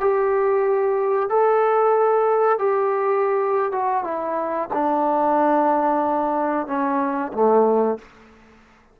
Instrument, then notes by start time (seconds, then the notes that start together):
trombone
0.00 G4
1.30 A4
2.58 G4
3.72 F#4
4.04 E4
4.73 D4
6.67 C#4
7.33 A3